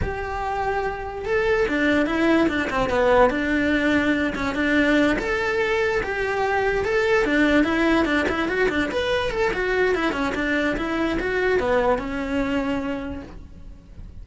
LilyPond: \new Staff \with { instrumentName = "cello" } { \time 4/4 \tempo 4 = 145 g'2. a'4 | d'4 e'4 d'8 c'8 b4 | d'2~ d'8 cis'8 d'4~ | d'8 a'2 g'4.~ |
g'8 a'4 d'4 e'4 d'8 | e'8 fis'8 d'8 b'4 a'8 fis'4 | e'8 cis'8 d'4 e'4 fis'4 | b4 cis'2. | }